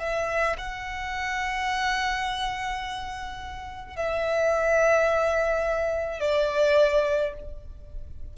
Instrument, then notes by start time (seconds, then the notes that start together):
violin
0.00 E5
0.58 F#5
3.97 E5
6.21 D5